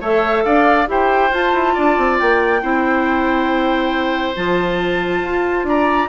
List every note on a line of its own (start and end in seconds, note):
0.00 0.44 A3
0.00 0.87 A4
0.00 0.43 C#5
0.00 0.44 E5
0.44 0.88 D4
0.44 0.88 D5
0.44 0.87 F5
0.87 1.31 E4
0.87 1.30 G4
0.87 1.74 C5
0.87 1.33 G5
1.31 1.52 F4
1.31 2.61 F4
1.31 2.19 A5
1.53 1.75 E4
1.74 1.97 D4
1.74 2.61 D5
1.97 2.19 C4
2.19 2.62 A#3
2.19 4.36 G5
2.61 4.36 C4
2.61 4.35 E4
2.61 5.67 C5
4.35 5.22 F3
4.35 6.08 F4
4.35 5.66 A5
5.22 5.63 F4
5.63 6.07 D4
5.63 6.08 D5
5.63 6.08 A#5